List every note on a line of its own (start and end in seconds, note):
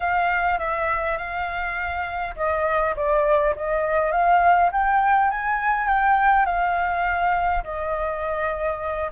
0.00 0.58 F5
0.58 1.17 E5
1.17 2.35 F5
2.36 2.94 D#5
2.96 3.55 D5
3.56 4.11 D#5
4.11 4.70 F5
4.72 5.30 G5
5.30 5.87 G#5
5.87 6.45 G5
6.45 7.63 F5
7.63 9.10 D#5